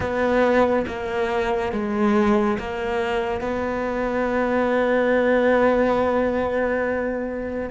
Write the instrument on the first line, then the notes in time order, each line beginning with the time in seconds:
cello
0.00 B3
0.87 A#3
1.72 G#3
2.58 A#3
3.41 B3